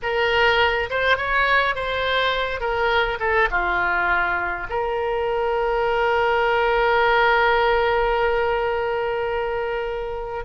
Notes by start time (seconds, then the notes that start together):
0.02 A#4
0.89 C5
1.17 C#5
1.75 C5
2.60 A#4
3.19 A4
3.50 F4
4.69 A#4